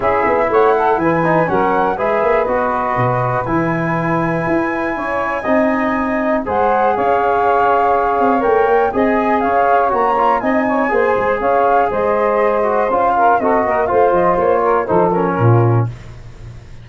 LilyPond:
<<
  \new Staff \with { instrumentName = "flute" } { \time 4/4 \tempo 4 = 121 e''4 fis''4 gis''4 fis''4 | e''4 dis''2 gis''4~ | gis''1~ | gis''4 fis''4 f''2~ |
f''4 g''4 gis''4 f''4 | ais''4 gis''2 f''4 | dis''2 f''4 dis''4 | f''8 dis''8 cis''4 c''8 ais'4. | }
  \new Staff \with { instrumentName = "saxophone" } { \time 4/4 gis'4 cis''8 a'8 b'4 ais'4 | b'1~ | b'2 cis''4 dis''4~ | dis''4 c''4 cis''2~ |
cis''2 dis''4 cis''4~ | cis''4 dis''8 cis''8 c''4 cis''4 | c''2~ c''8 ais'8 a'8 ais'8 | c''4. ais'8 a'4 f'4 | }
  \new Staff \with { instrumentName = "trombone" } { \time 4/4 e'2~ e'8 dis'8 cis'4 | gis'4 fis'2 e'4~ | e'2. dis'4~ | dis'4 gis'2.~ |
gis'4 ais'4 gis'2 | fis'8 f'8 dis'4 gis'2~ | gis'4. fis'8 f'4 fis'4 | f'2 dis'8 cis'4. | }
  \new Staff \with { instrumentName = "tuba" } { \time 4/4 cis'8 b8 a4 e4 fis4 | gis8 ais8 b4 b,4 e4~ | e4 e'4 cis'4 c'4~ | c'4 gis4 cis'2~ |
cis'8 c'8 a8 ais8 c'4 cis'4 | ais4 c'4 ais8 gis8 cis'4 | gis2 cis'4 c'8 ais8 | a8 f8 ais4 f4 ais,4 | }
>>